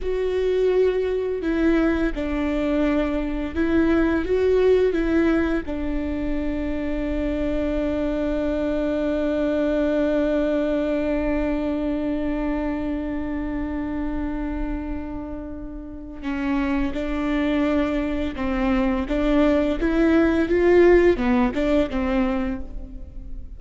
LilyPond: \new Staff \with { instrumentName = "viola" } { \time 4/4 \tempo 4 = 85 fis'2 e'4 d'4~ | d'4 e'4 fis'4 e'4 | d'1~ | d'1~ |
d'1~ | d'2. cis'4 | d'2 c'4 d'4 | e'4 f'4 b8 d'8 c'4 | }